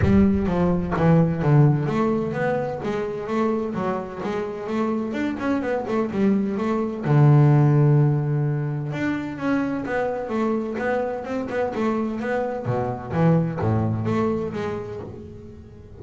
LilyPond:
\new Staff \with { instrumentName = "double bass" } { \time 4/4 \tempo 4 = 128 g4 f4 e4 d4 | a4 b4 gis4 a4 | fis4 gis4 a4 d'8 cis'8 | b8 a8 g4 a4 d4~ |
d2. d'4 | cis'4 b4 a4 b4 | c'8 b8 a4 b4 b,4 | e4 a,4 a4 gis4 | }